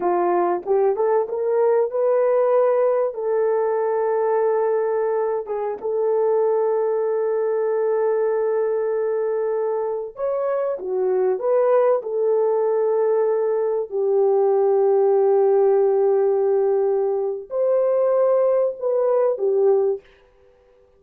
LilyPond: \new Staff \with { instrumentName = "horn" } { \time 4/4 \tempo 4 = 96 f'4 g'8 a'8 ais'4 b'4~ | b'4 a'2.~ | a'8. gis'8 a'2~ a'8.~ | a'1~ |
a'16 cis''4 fis'4 b'4 a'8.~ | a'2~ a'16 g'4.~ g'16~ | g'1 | c''2 b'4 g'4 | }